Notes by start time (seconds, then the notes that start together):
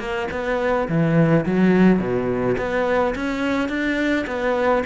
0.00 A#3
0.32 B3
0.89 E3
1.46 F#3
2.00 B2
2.58 B3
3.15 C#4
3.69 D4
4.27 B3